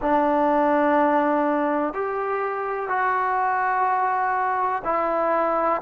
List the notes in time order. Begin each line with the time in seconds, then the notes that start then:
0.01 D4
1.93 G4
2.89 F#4
4.84 E4